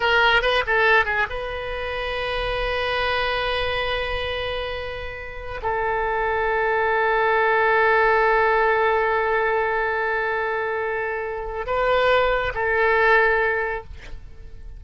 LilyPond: \new Staff \with { instrumentName = "oboe" } { \time 4/4 \tempo 4 = 139 ais'4 b'8 a'4 gis'8 b'4~ | b'1~ | b'1~ | b'4 a'2.~ |
a'1~ | a'1~ | a'2. b'4~ | b'4 a'2. | }